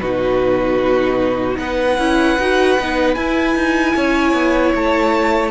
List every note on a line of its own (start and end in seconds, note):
0.00 1.58 B2
0.00 2.00 D#4
0.00 1.60 F#4
0.00 1.58 B4
1.58 1.98 B3
1.58 3.97 B4
1.58 3.15 F#5
1.99 2.38 C#4
1.99 2.39 E4
2.39 2.79 D#4
2.39 2.80 F#4
2.80 3.16 B3
2.80 3.17 D#4
3.15 3.56 E4
3.15 5.52 E4
3.15 4.73 G#5
3.56 3.95 D#4
3.96 4.34 C#4
3.96 5.52 C#5
4.34 4.73 B3
4.75 5.52 A3
4.75 5.52 A5